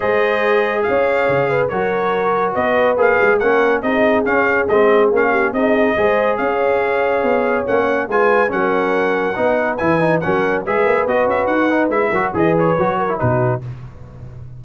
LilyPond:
<<
  \new Staff \with { instrumentName = "trumpet" } { \time 4/4 \tempo 4 = 141 dis''2 f''2 | cis''2 dis''4 f''4 | fis''4 dis''4 f''4 dis''4 | f''4 dis''2 f''4~ |
f''2 fis''4 gis''4 | fis''2. gis''4 | fis''4 e''4 dis''8 e''8 fis''4 | e''4 dis''8 cis''4. b'4 | }
  \new Staff \with { instrumentName = "horn" } { \time 4/4 c''2 cis''4. b'8 | ais'2 b'2 | ais'4 gis'2.~ | gis'8 g'8 gis'4 c''4 cis''4~ |
cis''2. b'4 | ais'2 b'2 | ais'4 b'2.~ | b'8 ais'8 b'4. ais'8 fis'4 | }
  \new Staff \with { instrumentName = "trombone" } { \time 4/4 gis'1 | fis'2. gis'4 | cis'4 dis'4 cis'4 c'4 | cis'4 dis'4 gis'2~ |
gis'2 cis'4 f'4 | cis'2 dis'4 e'8 dis'8 | cis'4 gis'4 fis'4. dis'8 | e'8 fis'8 gis'4 fis'8. e'16 dis'4 | }
  \new Staff \with { instrumentName = "tuba" } { \time 4/4 gis2 cis'4 cis4 | fis2 b4 ais8 gis8 | ais4 c'4 cis'4 gis4 | ais4 c'4 gis4 cis'4~ |
cis'4 b4 ais4 gis4 | fis2 b4 e4 | fis4 gis8 ais8 b8 cis'8 dis'4 | gis8 fis8 e4 fis4 b,4 | }
>>